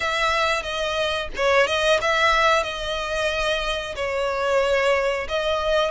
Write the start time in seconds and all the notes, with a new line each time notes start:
0.00 E5
0.63 D#5
1.36 C#5
1.66 D#5
2.01 E5
2.63 D#5
3.95 C#5
5.28 D#5